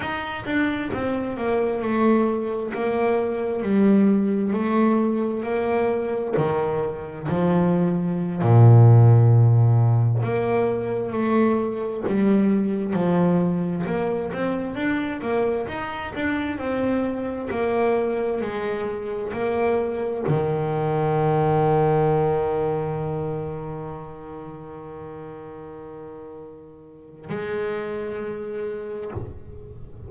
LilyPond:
\new Staff \with { instrumentName = "double bass" } { \time 4/4 \tempo 4 = 66 dis'8 d'8 c'8 ais8 a4 ais4 | g4 a4 ais4 dis4 | f4~ f16 ais,2 ais8.~ | ais16 a4 g4 f4 ais8 c'16~ |
c'16 d'8 ais8 dis'8 d'8 c'4 ais8.~ | ais16 gis4 ais4 dis4.~ dis16~ | dis1~ | dis2 gis2 | }